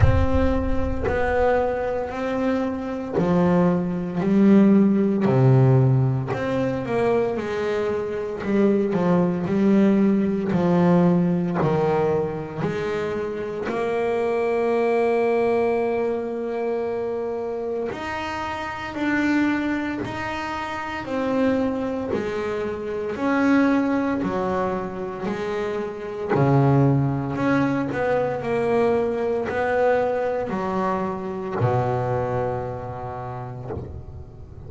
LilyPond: \new Staff \with { instrumentName = "double bass" } { \time 4/4 \tempo 4 = 57 c'4 b4 c'4 f4 | g4 c4 c'8 ais8 gis4 | g8 f8 g4 f4 dis4 | gis4 ais2.~ |
ais4 dis'4 d'4 dis'4 | c'4 gis4 cis'4 fis4 | gis4 cis4 cis'8 b8 ais4 | b4 fis4 b,2 | }